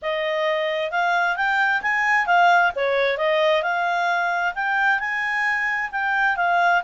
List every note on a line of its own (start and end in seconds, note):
0.01 0.91 D#5
0.91 1.36 F5
1.36 1.81 G5
1.82 2.26 G#5
2.26 2.71 F5
2.75 3.17 C#5
3.17 3.62 D#5
3.62 4.53 F5
4.54 4.99 G5
4.99 5.90 G#5
5.91 6.36 G5
6.36 6.82 F5